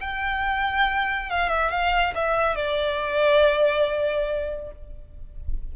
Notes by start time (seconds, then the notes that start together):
0.00 G5
1.30 F5
1.49 E5
1.70 F5
2.14 E5
2.55 D5